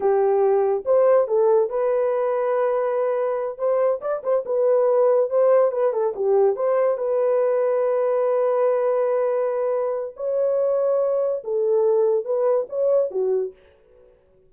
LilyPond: \new Staff \with { instrumentName = "horn" } { \time 4/4 \tempo 4 = 142 g'2 c''4 a'4 | b'1~ | b'8 c''4 d''8 c''8 b'4.~ | b'8 c''4 b'8 a'8 g'4 c''8~ |
c''8 b'2.~ b'8~ | b'1 | cis''2. a'4~ | a'4 b'4 cis''4 fis'4 | }